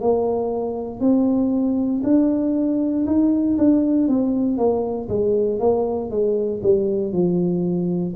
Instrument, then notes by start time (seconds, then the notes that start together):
tuba
0.00 A#3
1.00 C4
2.03 D4
3.06 D#4
3.58 D4
4.08 C4
4.58 A#3
5.08 G#3
5.59 A#3
6.10 G#3
6.62 G3
7.12 F3